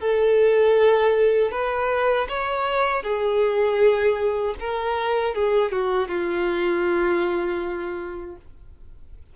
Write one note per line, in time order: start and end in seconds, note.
0.00 1.51 A4
1.51 2.27 B4
2.29 3.03 C#5
3.03 4.55 G#4
4.60 5.34 A#4
5.34 5.72 G#4
5.72 6.08 F#4
6.08 8.36 F4